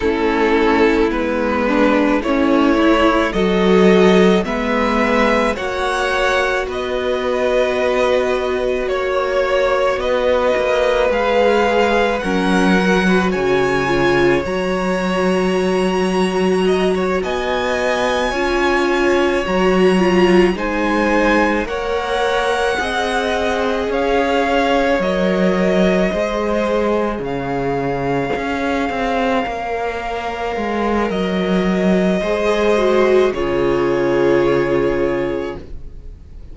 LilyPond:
<<
  \new Staff \with { instrumentName = "violin" } { \time 4/4 \tempo 4 = 54 a'4 b'4 cis''4 dis''4 | e''4 fis''4 dis''2 | cis''4 dis''4 f''4 fis''4 | gis''4 ais''2~ ais''8 gis''8~ |
gis''4. ais''4 gis''4 fis''8~ | fis''4. f''4 dis''4.~ | dis''8 f''2.~ f''8 | dis''2 cis''2 | }
  \new Staff \with { instrumentName = "violin" } { \time 4/4 e'4. d'8 cis'8 e'8 a'4 | b'4 cis''4 b'2 | cis''4 b'2 ais'8. b'16 | cis''2. dis''16 cis''16 dis''8~ |
dis''8 cis''2 c''4 cis''8~ | cis''8 dis''4 cis''2 c''8~ | c''8 cis''2.~ cis''8~ | cis''4 c''4 gis'2 | }
  \new Staff \with { instrumentName = "viola" } { \time 4/4 cis'4 b4 e'4 fis'4 | b4 fis'2.~ | fis'2 gis'4 cis'8 fis'8~ | fis'8 f'8 fis'2.~ |
fis'8 f'4 fis'8 f'8 dis'4 ais'8~ | ais'8 gis'2 ais'4 gis'8~ | gis'2~ gis'8 ais'4.~ | ais'4 gis'8 fis'8 f'2 | }
  \new Staff \with { instrumentName = "cello" } { \time 4/4 a4 gis4 a4 fis4 | gis4 ais4 b2 | ais4 b8 ais8 gis4 fis4 | cis4 fis2~ fis8 b8~ |
b8 cis'4 fis4 gis4 ais8~ | ais8 c'4 cis'4 fis4 gis8~ | gis8 cis4 cis'8 c'8 ais4 gis8 | fis4 gis4 cis2 | }
>>